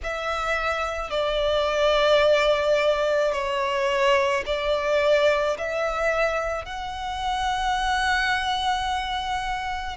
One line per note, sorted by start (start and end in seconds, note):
0.03 1.10 E5
1.10 3.32 D5
3.32 4.43 C#5
4.45 5.57 D5
5.58 6.65 E5
6.65 9.96 F#5